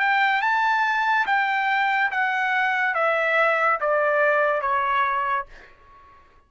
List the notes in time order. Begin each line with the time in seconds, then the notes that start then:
0.00 G5
0.42 A5
1.26 G5
2.12 F#5
2.95 E5
3.81 D5
4.62 C#5